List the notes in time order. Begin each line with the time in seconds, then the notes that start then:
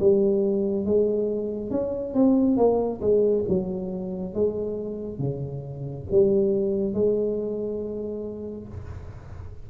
0.00 G3
0.86 G#3
1.71 C#4
2.14 C4
2.58 A#3
3.02 G#3
3.49 F#3
4.34 G#3
5.19 C#3
6.11 G3
6.94 G#3